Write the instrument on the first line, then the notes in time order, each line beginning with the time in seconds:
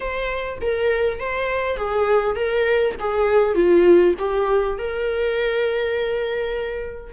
viola
0.00 C5
0.61 A#4
1.19 C5
1.76 G#4
2.35 A#4
2.99 G#4
3.55 F4
4.19 G4
4.78 A#4